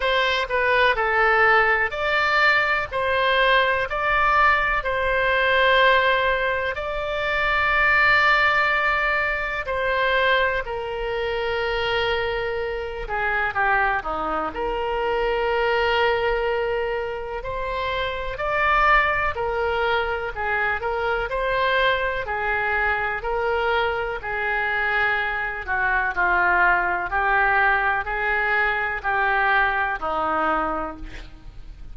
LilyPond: \new Staff \with { instrumentName = "oboe" } { \time 4/4 \tempo 4 = 62 c''8 b'8 a'4 d''4 c''4 | d''4 c''2 d''4~ | d''2 c''4 ais'4~ | ais'4. gis'8 g'8 dis'8 ais'4~ |
ais'2 c''4 d''4 | ais'4 gis'8 ais'8 c''4 gis'4 | ais'4 gis'4. fis'8 f'4 | g'4 gis'4 g'4 dis'4 | }